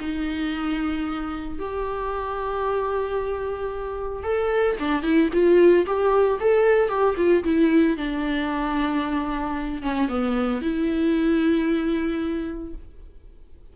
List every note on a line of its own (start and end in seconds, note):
0.00 1.59 D#4
1.59 4.23 G4
4.23 4.76 A4
4.79 5.02 D4
5.02 5.29 E4
5.33 5.86 F4
5.86 6.39 G4
6.40 6.89 A4
6.89 7.15 G4
7.17 7.44 F4
7.44 7.97 E4
7.97 9.82 D4
9.82 10.09 C#4
10.09 10.61 B3
10.61 12.74 E4